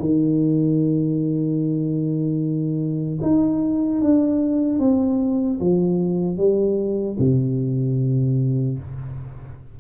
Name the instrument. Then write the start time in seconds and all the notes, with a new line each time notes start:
tuba
0.00 D#3
3.22 D#4
4.02 D4
4.80 C4
5.61 F3
6.38 G3
7.19 C3